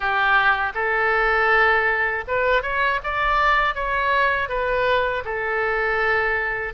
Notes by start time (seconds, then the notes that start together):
0.00 G4
0.74 A4
2.27 B4
2.62 C#5
3.03 D5
3.75 C#5
4.48 B4
5.24 A4